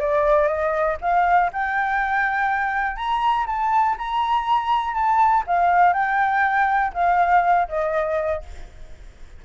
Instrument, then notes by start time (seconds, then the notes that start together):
flute
0.00 D5
0.48 D#5
1.01 F5
1.53 G5
2.97 A#5
3.47 A5
3.98 A#5
4.94 A5
5.47 F5
5.94 G5
6.94 F5
7.69 D#5